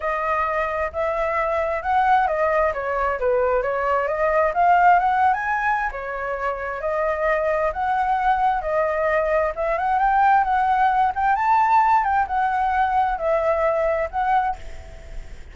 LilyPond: \new Staff \with { instrumentName = "flute" } { \time 4/4 \tempo 4 = 132 dis''2 e''2 | fis''4 dis''4 cis''4 b'4 | cis''4 dis''4 f''4 fis''8. gis''16~ | gis''4 cis''2 dis''4~ |
dis''4 fis''2 dis''4~ | dis''4 e''8 fis''8 g''4 fis''4~ | fis''8 g''8 a''4. g''8 fis''4~ | fis''4 e''2 fis''4 | }